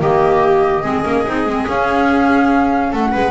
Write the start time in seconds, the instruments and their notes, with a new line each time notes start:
0.00 double bass D#3, clarinet A#3, viola G4, flute D#5
0.82 double bass G#3, clarinet C4, viola G#4
1.03 double bass A#3, clarinet C#4
1.26 double bass C4, clarinet D#4
1.46 double bass G#3, clarinet C4
1.67 double bass C#4, clarinet C#4, flute F5
2.91 double bass A3, viola A4, flute F#5
3.12 double bass G#3, viola B4